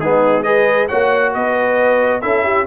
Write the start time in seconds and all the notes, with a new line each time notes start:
0.00 G#3 B3 D#4 G#4
0.43 G#4 B4 D#5
0.88 A#3 F#4 C#5 F#5
1.34 B3 B4 D#5
2.21 C#4 E4 A4 E5
2.44 G4